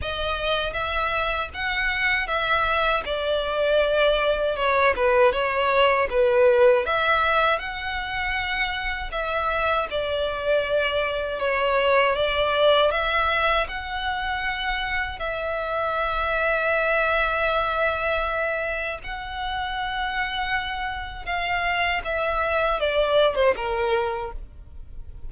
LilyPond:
\new Staff \with { instrumentName = "violin" } { \time 4/4 \tempo 4 = 79 dis''4 e''4 fis''4 e''4 | d''2 cis''8 b'8 cis''4 | b'4 e''4 fis''2 | e''4 d''2 cis''4 |
d''4 e''4 fis''2 | e''1~ | e''4 fis''2. | f''4 e''4 d''8. c''16 ais'4 | }